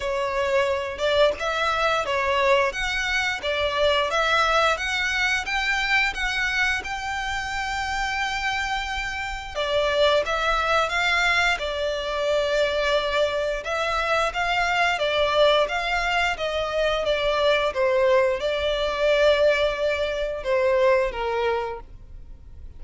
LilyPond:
\new Staff \with { instrumentName = "violin" } { \time 4/4 \tempo 4 = 88 cis''4. d''8 e''4 cis''4 | fis''4 d''4 e''4 fis''4 | g''4 fis''4 g''2~ | g''2 d''4 e''4 |
f''4 d''2. | e''4 f''4 d''4 f''4 | dis''4 d''4 c''4 d''4~ | d''2 c''4 ais'4 | }